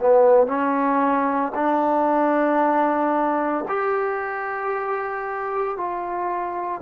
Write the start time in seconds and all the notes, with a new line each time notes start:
0.00 B3
0.47 C#4
1.55 D4
3.68 G4
5.77 F4